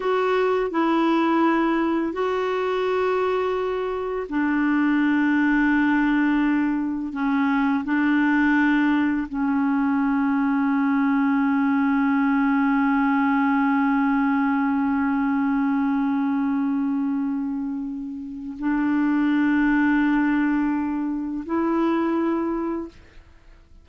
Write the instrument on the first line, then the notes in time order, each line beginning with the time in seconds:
clarinet
0.00 F#4
0.70 E4
2.12 F#4
4.29 D4
7.12 C#4
7.84 D4
9.28 C#4
18.58 D4
21.45 E4